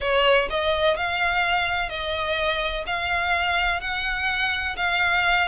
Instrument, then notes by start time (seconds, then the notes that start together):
violin
0.01 C#5
0.50 D#5
0.96 F5
1.89 D#5
2.86 F5
3.81 F#5
4.76 F5